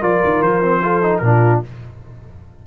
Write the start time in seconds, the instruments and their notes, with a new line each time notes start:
0.00 tuba F3, trombone F4, horn A#4, trumpet D5
0.24 tuba D#3
0.40 tuba F3, trumpet C5
0.62 trombone C4
0.82 trombone F4, horn A4
1.02 trombone D#4
1.18 tuba A#2, trombone D4, trumpet A#4
1.25 horn F4